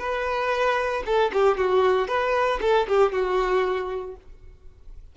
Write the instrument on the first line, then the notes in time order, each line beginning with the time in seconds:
violin
0.00 B4
1.06 A4
1.34 G4
1.58 F#4
2.08 B4
2.62 A4
2.88 G4
3.13 F#4